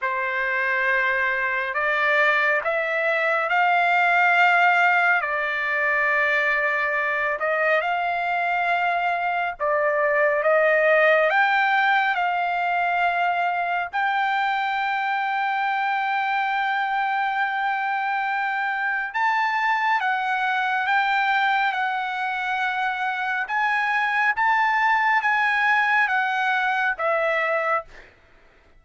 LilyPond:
\new Staff \with { instrumentName = "trumpet" } { \time 4/4 \tempo 4 = 69 c''2 d''4 e''4 | f''2 d''2~ | d''8 dis''8 f''2 d''4 | dis''4 g''4 f''2 |
g''1~ | g''2 a''4 fis''4 | g''4 fis''2 gis''4 | a''4 gis''4 fis''4 e''4 | }